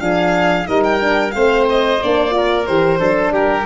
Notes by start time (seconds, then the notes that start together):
0.00 F3 D4 G#4 F5
0.67 G3 D#4 A#4 D#5
0.84 G5
1.00 D4
1.32 A3 C4 C5 F5
1.70 D#5
2.03 A#3 D4 D5
2.31 F4 A#4
2.66 E3 G4 C5
2.99 F#3 D4 A4
3.31 G3 G4 A#4